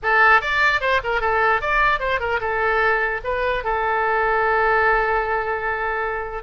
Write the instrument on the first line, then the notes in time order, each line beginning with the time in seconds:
oboe
0.03 A4
0.41 D5
0.80 C5
1.03 A#4
1.21 A4
1.61 D5
1.99 C5
2.20 A#4
2.40 A4
3.23 B4
3.64 A4